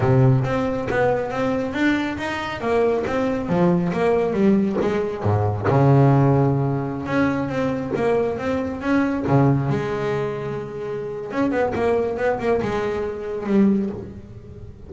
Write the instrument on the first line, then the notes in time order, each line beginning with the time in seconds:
double bass
0.00 C3
0.44 C4
0.89 B3
1.30 C4
1.73 D4
2.17 D#4
2.60 A#3
3.06 C4
3.48 F3
3.92 A#3
4.33 G3
4.81 G#3
5.23 G#2
5.67 C#3
7.06 C#4
7.48 C4
7.96 A#3
8.38 C4
8.81 C#4
9.27 C#3
9.69 G#3
11.31 C#4
11.51 B3
11.74 A#3
12.17 B3
12.39 A#3
12.61 G#3
13.46 G3